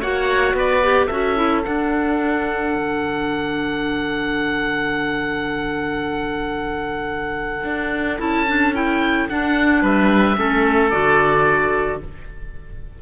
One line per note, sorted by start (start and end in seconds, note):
0.00 0.53 A#3
0.00 0.82 F#4
0.00 0.55 C#5
0.00 0.56 F#5
0.53 1.08 B3
0.53 1.06 B4
0.53 1.06 D5
0.82 1.10 G4
1.06 1.65 C#4
1.06 1.35 F#4
1.06 9.79 A4
1.06 1.61 E5
1.35 1.62 E4
1.62 8.16 D4
1.62 2.75 D4
1.62 8.19 F#5
2.75 7.64 D3
7.64 8.18 D4
8.18 9.28 C#4
8.18 8.45 E4
8.18 8.75 A5
8.47 8.74 D4
8.74 9.28 E4
8.74 9.29 G5
9.29 10.36 D4
9.29 9.82 D4
9.29 9.83 F#5
9.82 10.36 G3
9.82 10.36 B4
9.82 10.90 E5
10.36 10.92 A3
10.36 10.91 C#4
10.36 12.02 A4
10.90 12.01 D3
10.90 12.00 F#4
10.90 11.99 D5